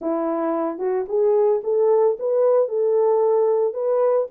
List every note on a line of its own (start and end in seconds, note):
0.01 0.78 E4
0.78 1.05 F#4
1.08 1.61 G#4
1.63 2.17 A4
2.19 2.68 B4
2.68 3.73 A4
3.73 4.27 B4